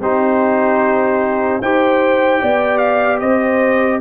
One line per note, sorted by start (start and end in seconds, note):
0.00 1.60 C4
0.00 1.63 D#4
0.00 1.62 G4
0.00 1.62 C5
1.61 2.41 D#4
1.61 4.01 G4
1.61 2.41 C5
1.61 2.78 G5
2.41 3.22 B3
2.41 3.21 D5
2.78 3.18 F5
3.20 4.01 C4
3.20 4.01 C5
3.20 4.00 D#5